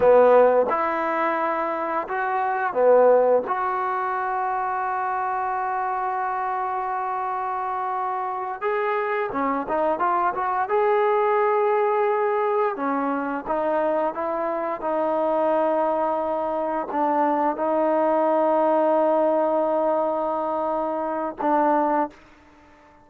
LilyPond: \new Staff \with { instrumentName = "trombone" } { \time 4/4 \tempo 4 = 87 b4 e'2 fis'4 | b4 fis'2.~ | fis'1~ | fis'8 gis'4 cis'8 dis'8 f'8 fis'8 gis'8~ |
gis'2~ gis'8 cis'4 dis'8~ | dis'8 e'4 dis'2~ dis'8~ | dis'8 d'4 dis'2~ dis'8~ | dis'2. d'4 | }